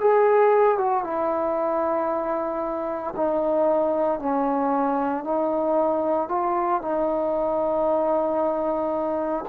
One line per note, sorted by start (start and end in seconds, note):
0.00 0.78 G#4
0.78 1.04 F#4
1.04 3.14 E4
3.16 4.19 D#4
4.19 5.24 C#4
5.24 6.28 D#4
6.28 6.81 F4
6.81 9.44 D#4